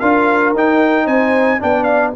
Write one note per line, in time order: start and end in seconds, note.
0.00 0.54 D4
0.00 0.56 F4
0.00 1.05 A#4
0.00 0.54 F5
0.54 1.07 D#4
0.54 1.60 D#4
0.54 1.08 G5
1.05 1.60 C4
1.05 1.59 C5
1.05 1.61 G#5
1.60 2.16 B3
1.60 2.13 D4
1.60 2.15 D5
1.60 1.84 G5
1.84 2.11 F5